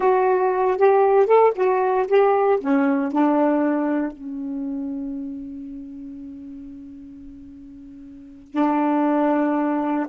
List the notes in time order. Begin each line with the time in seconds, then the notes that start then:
0.00 F#4
0.77 G4
1.26 A4
1.55 F#4
2.07 G4
2.60 C#4
3.12 D4
4.12 C#4
8.51 D4